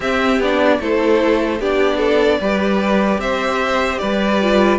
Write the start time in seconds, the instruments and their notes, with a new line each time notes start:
0.00 cello C4, viola C4, violin G4 E5
0.39 cello B3, viola D4, violin D5
0.80 cello A3, viola E4, violin A4 C5
1.59 cello B3, viola D4, violin G4 D5
1.97 violin A4
2.40 cello G3, viola G4, violin B4
3.18 cello C4, violin C5 E5
3.98 cello G3, violin B4 D5
4.41 viola F4